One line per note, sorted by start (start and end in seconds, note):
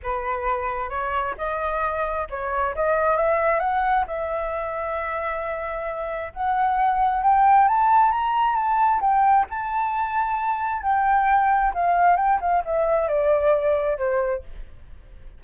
0.02 0.89 B4
0.89 1.34 C#5
1.37 2.27 D#5
2.29 2.75 C#5
2.75 3.16 D#5
3.16 3.59 E5
3.59 4.04 F#5
4.07 6.33 E5
6.33 7.23 F#5
7.23 7.68 G5
7.68 8.11 A5
8.11 8.55 A#5
8.55 9.00 A5
9.01 9.46 G5
9.49 10.82 A5
10.82 11.72 G5
11.74 12.16 F5
12.16 12.39 G5
12.40 12.63 F5
12.64 13.08 E5
13.08 13.97 D5
13.97 14.42 C5